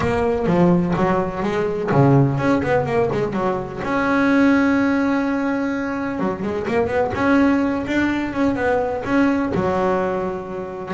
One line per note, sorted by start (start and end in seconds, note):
0.00 0.46 A#3
0.46 0.94 F3
0.95 1.42 F#3
1.42 1.90 G#3
1.91 2.38 C#3
2.38 2.61 C#4
2.62 2.85 B3
2.85 3.09 A#3
3.12 3.33 G#3
3.33 3.81 F#3
3.83 6.19 C#4
6.19 6.42 F#3
6.42 6.66 G#3
6.67 6.87 A#3
6.87 7.11 B3
7.14 7.85 C#4
7.87 8.33 D4
8.33 8.55 C#4
8.55 9.03 B3
9.05 9.52 C#4
9.54 10.94 F#3